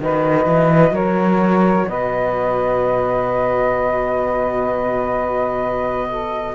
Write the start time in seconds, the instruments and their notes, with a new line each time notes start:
0.00 cello D#3, trombone F#4, saxophone B4, flute D#5
0.46 cello E3
0.91 cello F#3, saxophone A#4, flute C#5
1.89 cello B2, saxophone B4, flute D#5
6.09 saxophone A4